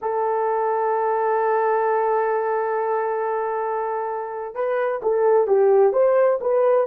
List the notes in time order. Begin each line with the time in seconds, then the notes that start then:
0.01 A4
4.55 B4
5.02 A4
5.47 G4
5.92 C5
6.41 B4